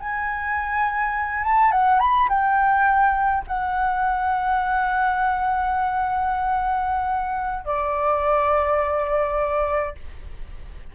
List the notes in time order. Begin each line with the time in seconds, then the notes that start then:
0.00 G#5
1.44 A5
1.72 F#5
2.00 B5
2.29 G5
3.48 F#5
7.65 D5